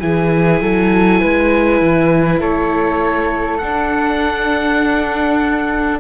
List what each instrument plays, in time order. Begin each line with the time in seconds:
0.00 cello E3, viola E4, flute G#4, oboe G#5
0.61 cello F#3, flute A4
1.21 cello G#3, flute B4
1.81 cello E3
2.40 cello A3, flute A4, oboe C#5
3.58 cello D4, viola D4, oboe F#5